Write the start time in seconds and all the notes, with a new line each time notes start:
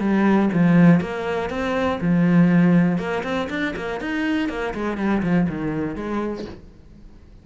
0.00 G3
0.53 F3
1.01 A#3
1.50 C4
2.01 F3
2.98 A#3
3.24 C4
3.50 D4
3.76 A#3
4.01 D#4
4.49 A#3
4.74 G#3
4.97 G3
5.22 F3
5.49 D#3
5.95 G#3